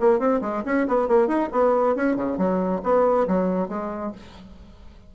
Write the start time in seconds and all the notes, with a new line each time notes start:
0.00 A#3
0.19 C4
0.41 G#3
0.65 C#4
0.88 B3
1.08 A#3
1.28 D#4
1.52 B3
1.96 C#4
2.16 C#3
2.38 F#3
2.83 B3
3.28 F#3
3.69 G#3